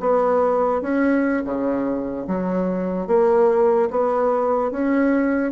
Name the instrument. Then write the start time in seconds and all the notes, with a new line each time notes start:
bassoon
0.00 B3
0.81 C#4
1.45 C#3
2.27 F#3
3.07 A#3
3.90 B3
4.71 C#4